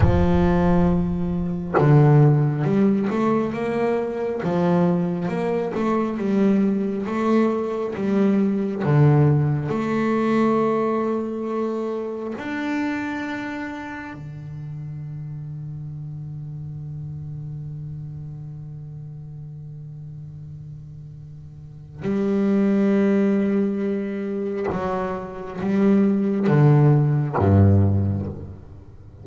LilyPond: \new Staff \with { instrumentName = "double bass" } { \time 4/4 \tempo 4 = 68 f2 d4 g8 a8 | ais4 f4 ais8 a8 g4 | a4 g4 d4 a4~ | a2 d'2 |
d1~ | d1~ | d4 g2. | fis4 g4 d4 g,4 | }